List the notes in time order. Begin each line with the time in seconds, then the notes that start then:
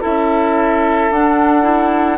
0.00 C#4 E4 A4 E5
1.10 D4 F#5
1.62 E4